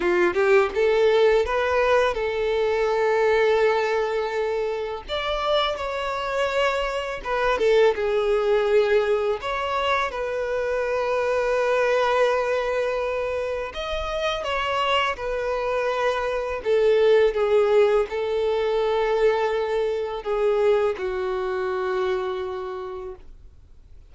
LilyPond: \new Staff \with { instrumentName = "violin" } { \time 4/4 \tempo 4 = 83 f'8 g'8 a'4 b'4 a'4~ | a'2. d''4 | cis''2 b'8 a'8 gis'4~ | gis'4 cis''4 b'2~ |
b'2. dis''4 | cis''4 b'2 a'4 | gis'4 a'2. | gis'4 fis'2. | }